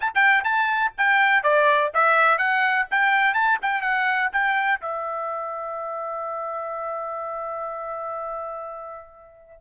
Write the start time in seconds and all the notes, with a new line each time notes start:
0.00 A5
0.14 G5
0.43 A5
0.97 G5
1.43 D5
1.94 E5
2.37 F#5
2.90 G5
3.34 A5
3.61 G5
3.81 F#5
4.32 G5
4.80 E5